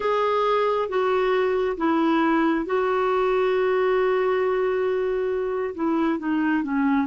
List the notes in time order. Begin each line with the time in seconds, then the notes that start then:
0.00 G#4
0.88 F#4
1.77 E4
2.65 F#4
5.74 E4
6.18 D#4
6.63 C#4